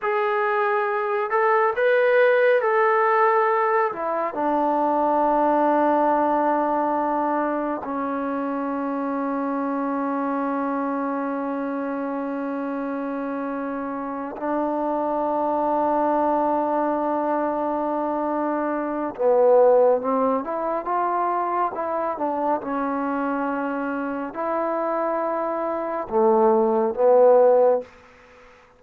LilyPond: \new Staff \with { instrumentName = "trombone" } { \time 4/4 \tempo 4 = 69 gis'4. a'8 b'4 a'4~ | a'8 e'8 d'2.~ | d'4 cis'2.~ | cis'1~ |
cis'8 d'2.~ d'8~ | d'2 b4 c'8 e'8 | f'4 e'8 d'8 cis'2 | e'2 a4 b4 | }